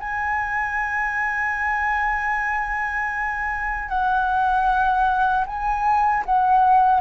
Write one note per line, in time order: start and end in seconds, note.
0.00 3.90 G#5
3.90 5.45 F#5
5.47 6.25 G#5
6.26 7.01 F#5